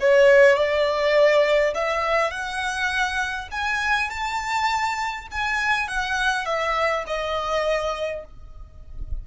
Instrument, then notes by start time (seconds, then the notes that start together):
violin
0.00 C#5
0.56 D5
1.74 E5
2.31 F#5
3.51 G#5
4.10 A5
5.31 G#5
5.88 F#5
6.45 E5
7.07 D#5